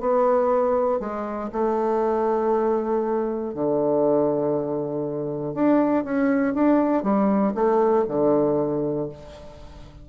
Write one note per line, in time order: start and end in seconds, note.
0.00 1.00 B3
1.00 1.50 G#3
1.52 3.54 A3
3.54 5.54 D3
5.54 6.04 D4
6.04 6.54 C#4
6.54 7.03 D4
7.03 7.53 G3
7.54 8.05 A3
8.08 9.09 D3